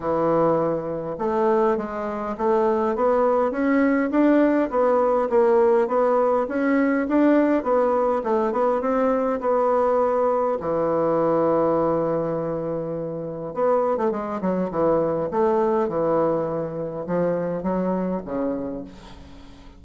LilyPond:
\new Staff \with { instrumentName = "bassoon" } { \time 4/4 \tempo 4 = 102 e2 a4 gis4 | a4 b4 cis'4 d'4 | b4 ais4 b4 cis'4 | d'4 b4 a8 b8 c'4 |
b2 e2~ | e2. b8. a16 | gis8 fis8 e4 a4 e4~ | e4 f4 fis4 cis4 | }